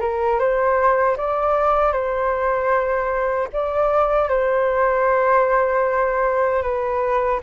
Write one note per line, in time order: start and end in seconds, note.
0.00 0.39 A#4
0.39 1.17 C5
1.17 1.92 D5
1.92 3.48 C5
3.52 4.28 D5
4.28 6.62 C5
6.62 7.40 B4